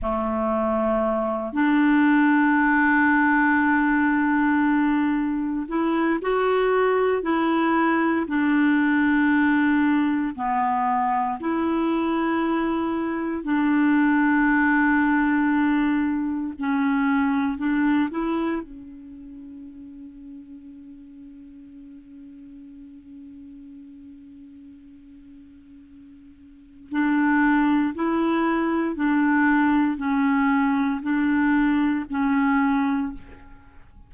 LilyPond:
\new Staff \with { instrumentName = "clarinet" } { \time 4/4 \tempo 4 = 58 a4. d'2~ d'8~ | d'4. e'8 fis'4 e'4 | d'2 b4 e'4~ | e'4 d'2. |
cis'4 d'8 e'8 cis'2~ | cis'1~ | cis'2 d'4 e'4 | d'4 cis'4 d'4 cis'4 | }